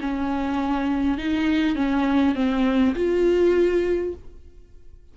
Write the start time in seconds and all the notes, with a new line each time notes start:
0.00 C#4
1.17 D#4
1.75 C#4
2.35 C4
2.95 F4